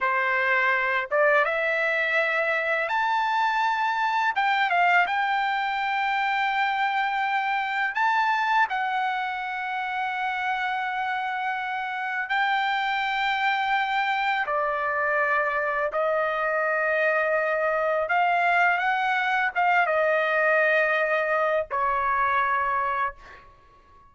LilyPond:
\new Staff \with { instrumentName = "trumpet" } { \time 4/4 \tempo 4 = 83 c''4. d''8 e''2 | a''2 g''8 f''8 g''4~ | g''2. a''4 | fis''1~ |
fis''4 g''2. | d''2 dis''2~ | dis''4 f''4 fis''4 f''8 dis''8~ | dis''2 cis''2 | }